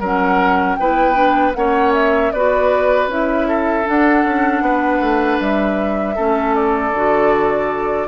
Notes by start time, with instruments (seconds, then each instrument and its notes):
0.00 bassoon F#3, clarinet C#4, oboe A#4, flute F#5
0.75 bassoon B3, clarinet E4, oboe B4, flute G5
1.14 clarinet D4
1.54 bassoon A#3, clarinet C#4, oboe C#5, flute F#5
1.94 flute E5
2.32 bassoon B3, clarinet F#4, oboe B4, flute D5
3.07 bassoon C#4, clarinet E4, flute E5
3.48 oboe A4
3.84 clarinet D4, bassoon D4, flute F#5
4.25 bassoon C#4
4.61 bassoon B3, oboe B4
5.00 bassoon A3
5.40 bassoon G3, flute E5
6.16 bassoon A3, clarinet C#4, oboe A4
6.55 flute D5
6.92 bassoon D3, clarinet F#4